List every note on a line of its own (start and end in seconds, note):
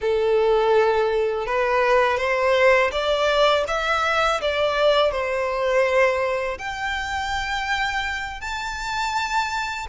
0.01 1.46 A4
1.46 2.17 B4
2.17 2.90 C5
2.91 3.64 D5
3.67 4.40 E5
4.41 5.11 D5
5.11 6.58 C5
6.58 8.40 G5
8.40 9.86 A5